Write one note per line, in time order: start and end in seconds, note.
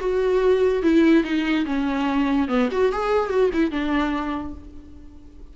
0.00 0.83 F#4
0.83 1.24 E4
1.24 1.65 D#4
1.66 2.48 C#4
2.48 2.69 B3
2.72 2.92 F#4
2.92 3.30 G#4
3.30 3.51 F#4
3.54 3.71 E4
3.71 4.54 D4